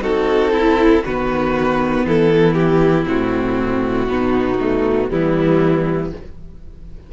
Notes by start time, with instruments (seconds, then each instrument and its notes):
0.00 cello C4, viola D#4, violin F#4 A4
0.52 violin E4, viola E4
1.04 cello D#3, viola B3, violin F#4 B4
2.05 cello E3, violin E4 A4
2.54 violin G4
3.06 cello A2, viola C4, violin F#4
4.08 cello B2, viola B3, violin D#4
4.60 viola A3
5.09 cello E3, viola G3, violin B3 E4